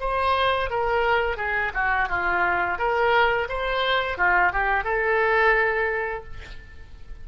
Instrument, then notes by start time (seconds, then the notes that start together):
oboe
0.00 C5
0.70 A#4
1.37 G#4
1.74 F#4
2.09 F4
2.78 A#4
3.49 C5
4.18 F4
4.52 G4
4.84 A4